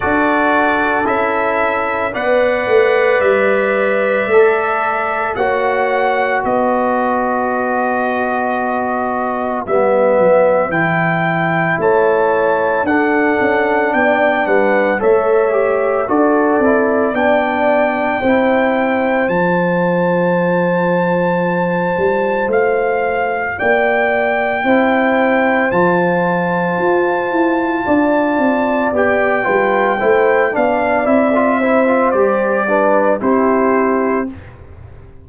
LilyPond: <<
  \new Staff \with { instrumentName = "trumpet" } { \time 4/4 \tempo 4 = 56 d''4 e''4 fis''4 e''4~ | e''4 fis''4 dis''2~ | dis''4 e''4 g''4 a''4 | fis''4 g''8 fis''8 e''4 d''4 |
g''2 a''2~ | a''4 f''4 g''2 | a''2. g''4~ | g''8 f''8 e''4 d''4 c''4 | }
  \new Staff \with { instrumentName = "horn" } { \time 4/4 a'2 d''2~ | d''4 cis''4 b'2~ | b'2. cis''4 | a'4 d''8 b'8 cis''4 a'4 |
d''4 c''2.~ | c''2 d''4 c''4~ | c''2 d''4. b'8 | c''8 d''4 c''4 b'8 g'4 | }
  \new Staff \with { instrumentName = "trombone" } { \time 4/4 fis'4 e'4 b'2 | a'4 fis'2.~ | fis'4 b4 e'2 | d'2 a'8 g'8 fis'8 e'8 |
d'4 e'4 f'2~ | f'2. e'4 | f'2. g'8 f'8 | e'8 d'8 e'16 f'16 e'16 f'16 g'8 d'8 e'4 | }
  \new Staff \with { instrumentName = "tuba" } { \time 4/4 d'4 cis'4 b8 a8 g4 | a4 ais4 b2~ | b4 g8 fis8 e4 a4 | d'8 cis'8 b8 g8 a4 d'8 c'8 |
b4 c'4 f2~ | f8 g8 a4 ais4 c'4 | f4 f'8 e'8 d'8 c'8 b8 g8 | a8 b8 c'4 g4 c'4 | }
>>